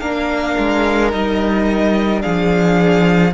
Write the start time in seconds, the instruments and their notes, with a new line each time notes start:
0.00 cello A#3, viola D4, violin A#4 F5
0.58 cello G#3
1.11 cello G3, viola D#4, violin D#5
2.20 cello F3, viola D4, violin G#4 F5